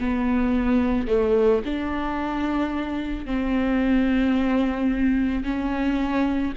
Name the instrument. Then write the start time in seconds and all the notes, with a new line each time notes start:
viola
0.00 B3
1.08 A3
1.66 D4
3.26 C4
5.44 C#4